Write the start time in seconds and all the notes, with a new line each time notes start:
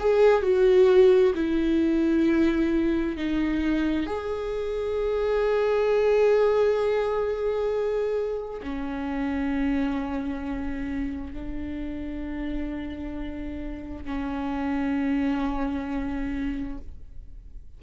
0.00 G#4
0.43 F#4
1.35 E4
3.17 D#4
4.07 G#4
8.63 C#4
11.33 D4
14.05 C#4